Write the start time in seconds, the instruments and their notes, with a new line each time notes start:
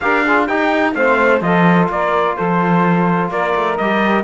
0.00 cello D4, trombone G4, saxophone A#4, trumpet F5
0.25 trombone F4, saxophone G#4
0.44 trombone D#4, cello D#4, saxophone G4, trumpet G5
0.94 cello A3, trombone C4, saxophone C5, trumpet F5
1.41 cello F3, trombone F4, saxophone A4, trumpet D#5
1.88 cello A#3, saxophone A#4, trumpet D5
2.36 cello F3, saxophone A4, trumpet C5
3.30 cello A#3, saxophone A#4, trumpet D5
3.55 cello A3
3.77 cello G3, trombone G4, trumpet D#5